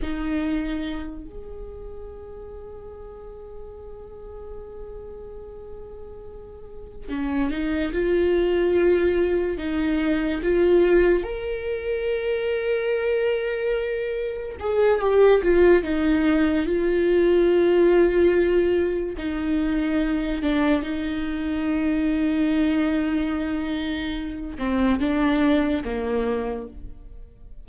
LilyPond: \new Staff \with { instrumentName = "viola" } { \time 4/4 \tempo 4 = 72 dis'4. gis'2~ gis'8~ | gis'1~ | gis'8 cis'8 dis'8 f'2 dis'8~ | dis'8 f'4 ais'2~ ais'8~ |
ais'4. gis'8 g'8 f'8 dis'4 | f'2. dis'4~ | dis'8 d'8 dis'2.~ | dis'4. c'8 d'4 ais4 | }